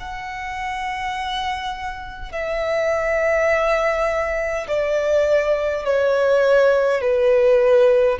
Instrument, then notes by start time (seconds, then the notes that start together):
violin
0.00 F#5
2.32 E5
4.68 D5
5.85 C#5
7.01 B4